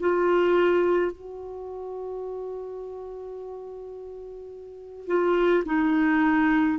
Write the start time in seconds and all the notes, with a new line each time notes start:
0.00 F4
1.12 F#4
5.07 F4
5.66 D#4